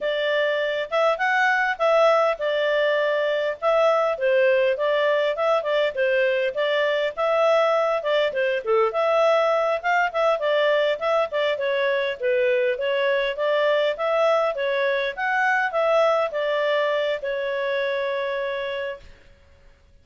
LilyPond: \new Staff \with { instrumentName = "clarinet" } { \time 4/4 \tempo 4 = 101 d''4. e''8 fis''4 e''4 | d''2 e''4 c''4 | d''4 e''8 d''8 c''4 d''4 | e''4. d''8 c''8 a'8 e''4~ |
e''8 f''8 e''8 d''4 e''8 d''8 cis''8~ | cis''8 b'4 cis''4 d''4 e''8~ | e''8 cis''4 fis''4 e''4 d''8~ | d''4 cis''2. | }